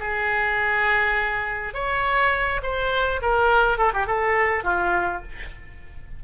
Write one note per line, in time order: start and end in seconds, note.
0.00 1.74 G#4
1.74 2.61 C#5
2.63 3.21 C5
3.22 3.78 A#4
3.78 3.92 A4
3.94 4.07 G4
4.07 4.64 A4
4.64 5.22 F4